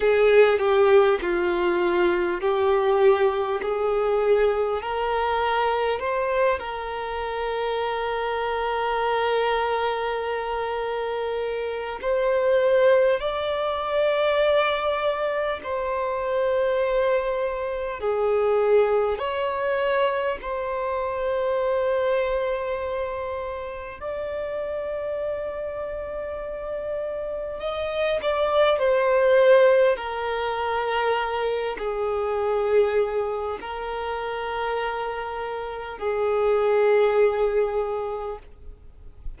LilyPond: \new Staff \with { instrumentName = "violin" } { \time 4/4 \tempo 4 = 50 gis'8 g'8 f'4 g'4 gis'4 | ais'4 c''8 ais'2~ ais'8~ | ais'2 c''4 d''4~ | d''4 c''2 gis'4 |
cis''4 c''2. | d''2. dis''8 d''8 | c''4 ais'4. gis'4. | ais'2 gis'2 | }